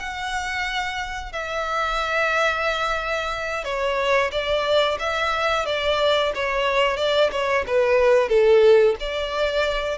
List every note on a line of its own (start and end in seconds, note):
0.00 1.33 F#5
1.33 3.65 E5
3.65 4.31 C#5
4.32 4.98 D5
5.00 5.66 E5
5.66 6.33 D5
6.35 6.97 C#5
6.97 7.31 D5
7.32 7.65 C#5
7.67 8.29 B4
8.29 8.96 A4
9.01 9.98 D5